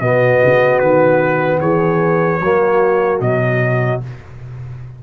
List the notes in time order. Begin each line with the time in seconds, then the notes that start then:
0.00 B2 B3 F#4 D#5
0.43 C#3
0.79 D#3 B4
1.60 E3 G#4 C#5
2.40 F#3 A#3 F#4
3.20 B2 F#3 D#5